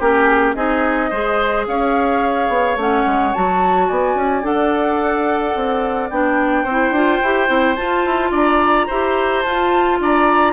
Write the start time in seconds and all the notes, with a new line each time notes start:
0.00 A#3 C#4 G4 A#4
0.24 G#4
0.55 C4 D#4 G#4 D#5
1.10 G#3 G#4 C5
1.67 C#4 C#5 F5
2.49 B3
2.77 A3 C#4 F#5
3.06 G#3
3.34 F#3 F#4 A5
3.87 B3 D5 G#5
4.15 C#4
4.43 D4 A4 F#5
5.56 C4
6.11 B3 D4 G5
6.64 C4 C5
6.71 E4
6.91 D4 F4
7.23 E4 G4
7.48 C4 E4
7.76 F4 A5
8.06 E4
8.31 D4 D5 A#5
8.87 E4 G4 C5
9.43 F4 A5
10.01 D4 D5 A#5